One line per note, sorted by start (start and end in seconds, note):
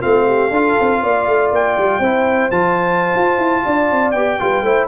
0.00 0.50 A3
0.00 0.51 C4
0.00 0.25 F4
0.00 1.51 F5
0.26 0.51 G4
0.50 0.75 D4
0.50 2.02 F4
0.50 1.01 A4
0.79 1.02 C4
1.01 1.26 A#3
1.01 2.00 D5
1.26 1.51 A3
1.51 1.76 A#3
1.51 2.50 G5
1.77 1.99 G3
1.99 2.49 C4
1.99 2.51 E4
1.99 3.62 C5
2.50 3.13 F3
2.50 4.14 F4
2.50 4.11 A5
3.15 3.38 F4
3.38 3.63 E4
3.64 3.91 D4
3.64 4.39 D5
3.91 4.13 C4
4.11 4.38 B3
4.11 4.39 G4
4.11 4.86 G5
4.39 4.62 G3
4.39 4.64 F4
4.39 4.63 B4
4.62 4.87 A3
4.62 4.87 E4
4.62 4.87 C5